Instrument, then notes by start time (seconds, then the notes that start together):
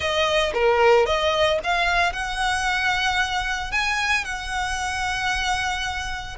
violin
0.00 D#5
0.54 A#4
1.06 D#5
1.63 F5
2.12 F#5
3.71 G#5
4.24 F#5